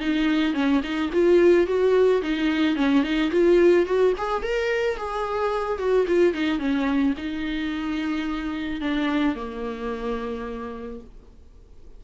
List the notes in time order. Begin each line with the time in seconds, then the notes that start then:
0.00 D#4
0.54 C#4
0.83 D#4
1.13 F4
1.67 F#4
2.22 D#4
2.76 C#4
3.03 D#4
3.31 F4
3.86 F#4
4.18 G#4
4.42 A#4
4.97 G#4
5.78 F#4
6.07 F4
6.34 D#4
6.59 C#4
7.17 D#4
8.81 D4
9.35 A#3